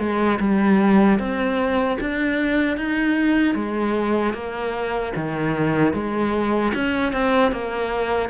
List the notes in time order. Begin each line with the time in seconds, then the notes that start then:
0.00 G#3
0.41 G3
1.19 C4
2.01 D4
2.78 D#4
3.55 G#3
4.34 A#3
5.16 D#3
5.94 G#3
6.75 C#4
7.13 C4
7.52 A#3